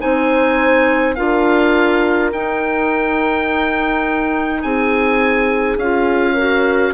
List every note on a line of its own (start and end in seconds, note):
0.00 1.19 C4
0.00 1.15 D#4
0.00 1.17 C5
0.00 1.16 G#5
1.16 2.33 D4
1.16 2.32 F4
1.16 4.63 A#4
1.16 2.31 F5
2.33 4.64 D#4
2.33 5.81 D#4
2.33 4.62 G5
4.62 5.77 C4
4.62 6.34 G#4
4.62 5.78 G#5
5.77 6.93 C#4
5.77 6.38 F4
5.77 6.94 F5
6.34 6.94 F#4
6.34 6.92 A#4